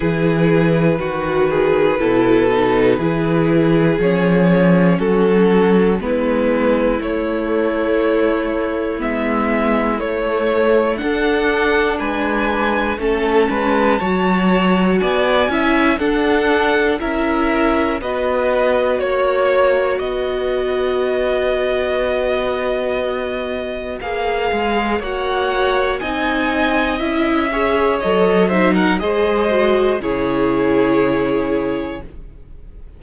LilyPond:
<<
  \new Staff \with { instrumentName = "violin" } { \time 4/4 \tempo 4 = 60 b'1 | cis''4 a'4 b'4 cis''4~ | cis''4 e''4 cis''4 fis''4 | gis''4 a''2 gis''4 |
fis''4 e''4 dis''4 cis''4 | dis''1 | f''4 fis''4 gis''4 e''4 | dis''8 e''16 fis''16 dis''4 cis''2 | }
  \new Staff \with { instrumentName = "violin" } { \time 4/4 gis'4 fis'8 gis'8 a'4 gis'4~ | gis'4 fis'4 e'2~ | e'2. a'4 | b'4 a'8 b'8 cis''4 d''8 e''8 |
a'4 ais'4 b'4 cis''4 | b'1~ | b'4 cis''4 dis''4. cis''8~ | cis''8 c''16 ais'16 c''4 gis'2 | }
  \new Staff \with { instrumentName = "viola" } { \time 4/4 e'4 fis'4 e'8 dis'8 e'4 | cis'2 b4 a4~ | a4 b4 a4 d'4~ | d'4 cis'4 fis'4. e'8 |
d'4 e'4 fis'2~ | fis'1 | gis'4 fis'4 dis'4 e'8 gis'8 | a'8 dis'8 gis'8 fis'8 e'2 | }
  \new Staff \with { instrumentName = "cello" } { \time 4/4 e4 dis4 b,4 e4 | f4 fis4 gis4 a4~ | a4 gis4 a4 d'4 | gis4 a8 gis8 fis4 b8 cis'8 |
d'4 cis'4 b4 ais4 | b1 | ais8 gis8 ais4 c'4 cis'4 | fis4 gis4 cis2 | }
>>